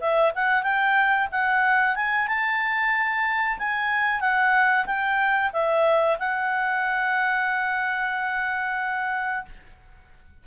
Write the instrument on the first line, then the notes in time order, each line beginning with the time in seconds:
clarinet
0.00 E5
0.34 F#5
0.63 G5
1.31 F#5
1.95 G#5
2.27 A5
3.58 G#5
4.20 F#5
4.86 G5
5.53 E5
6.19 F#5